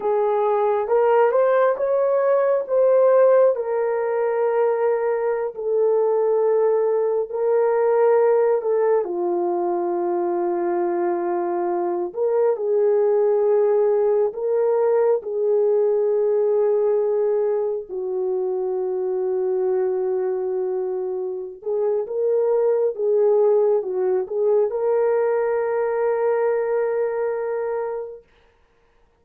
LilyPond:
\new Staff \with { instrumentName = "horn" } { \time 4/4 \tempo 4 = 68 gis'4 ais'8 c''8 cis''4 c''4 | ais'2~ ais'16 a'4.~ a'16~ | a'16 ais'4. a'8 f'4.~ f'16~ | f'4.~ f'16 ais'8 gis'4.~ gis'16~ |
gis'16 ais'4 gis'2~ gis'8.~ | gis'16 fis'2.~ fis'8.~ | fis'8 gis'8 ais'4 gis'4 fis'8 gis'8 | ais'1 | }